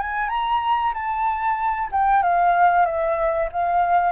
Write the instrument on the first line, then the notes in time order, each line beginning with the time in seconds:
flute
0.00 G#5
0.29 A#5
0.94 A5
1.92 G5
2.23 F5
2.85 E5
3.53 F5